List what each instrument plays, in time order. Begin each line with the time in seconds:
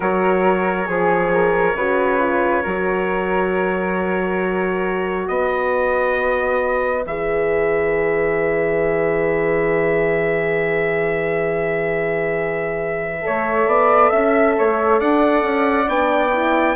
0.00 bassoon F#3, horn F#4, flute A#4, trumpet C#5
0.85 bassoon F3, horn G#4, flute G#4
1.33 flute A#4
1.74 bassoon C#3, horn F#4, flute B4
2.19 horn F4
2.62 bassoon F#3, horn F#4, flute A#4
5.27 bassoon B3, flute B4, trumpet D#5
7.06 bassoon E3, horn G#4, trumpet E5
13.21 horn A4, flute C#5
13.27 bassoon A3
13.66 bassoon B3, flute D5
14.10 bassoon C#4, flute E5
14.58 bassoon A3, flute C#5
14.99 bassoon D4, flute D5, trumpet F#5
15.42 bassoon C#4
15.87 bassoon B3, horn D4, trumpet G5
16.32 horn E4